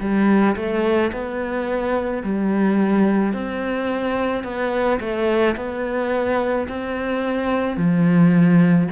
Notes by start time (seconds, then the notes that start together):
0.00 G3
0.56 A3
1.12 B3
2.23 G3
3.33 C4
4.43 B3
5.00 A3
5.56 B3
6.68 C4
7.77 F3